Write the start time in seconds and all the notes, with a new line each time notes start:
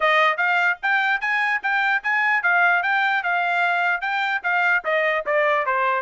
0.00 D#5
0.37 F5
0.82 G5
1.20 G#5
1.62 G5
2.03 G#5
2.43 F5
2.82 G5
3.23 F5
4.01 G5
4.43 F5
4.84 D#5
5.26 D5
5.66 C5